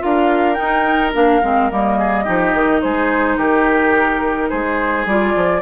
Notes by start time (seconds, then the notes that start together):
0.00 D4 F4 A#4 F5
0.54 D#4 G5
1.14 A#3 D4 F5
1.43 G#3 C4
1.70 G3 A#3 D#5
1.99 G#4
2.24 F3 D#4 G4
2.53 D#3
2.82 G#3 G#4 C5
3.37 D#3 G4 A#4
4.49 G#3 G#4 C5
5.06 G3 F4 D5
5.36 F3